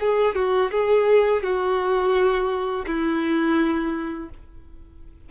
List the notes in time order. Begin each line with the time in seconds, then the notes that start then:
0.00 G#4
0.35 F#4
0.71 G#4
1.43 F#4
2.86 E4